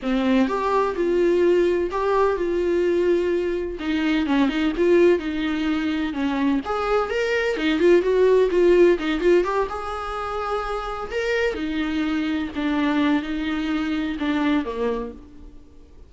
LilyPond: \new Staff \with { instrumentName = "viola" } { \time 4/4 \tempo 4 = 127 c'4 g'4 f'2 | g'4 f'2. | dis'4 cis'8 dis'8 f'4 dis'4~ | dis'4 cis'4 gis'4 ais'4 |
dis'8 f'8 fis'4 f'4 dis'8 f'8 | g'8 gis'2. ais'8~ | ais'8 dis'2 d'4. | dis'2 d'4 ais4 | }